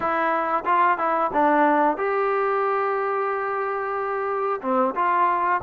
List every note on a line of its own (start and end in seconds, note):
0.00 0.64 E4
0.65 0.97 F4
0.97 1.30 E4
1.33 1.97 D4
1.97 4.60 G4
4.61 4.94 C4
4.95 5.60 F4